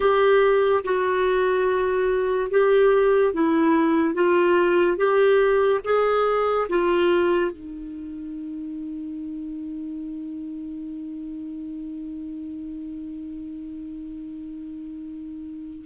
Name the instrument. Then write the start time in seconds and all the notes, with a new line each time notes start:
clarinet
0.00 G4
0.84 F#4
2.50 G4
3.33 E4
4.14 F4
4.97 G4
5.84 G#4
6.69 F4
7.51 D#4